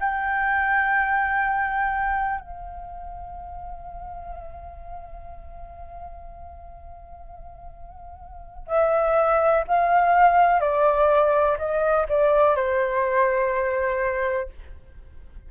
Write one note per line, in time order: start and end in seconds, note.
0.00 2.40 G5
2.40 8.67 F5
8.67 9.64 E5
9.67 10.60 F5
10.60 11.57 D5
11.58 12.06 D#5
12.08 12.55 D5
12.55 14.49 C5